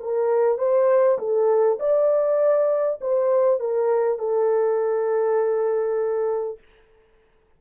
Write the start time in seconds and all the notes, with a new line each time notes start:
0.00 A#4
0.58 C5
1.18 A4
1.79 D5
3.01 C5
3.60 A#4
4.18 A4